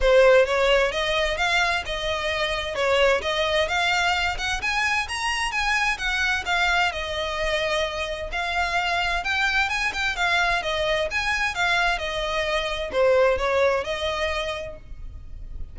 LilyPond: \new Staff \with { instrumentName = "violin" } { \time 4/4 \tempo 4 = 130 c''4 cis''4 dis''4 f''4 | dis''2 cis''4 dis''4 | f''4. fis''8 gis''4 ais''4 | gis''4 fis''4 f''4 dis''4~ |
dis''2 f''2 | g''4 gis''8 g''8 f''4 dis''4 | gis''4 f''4 dis''2 | c''4 cis''4 dis''2 | }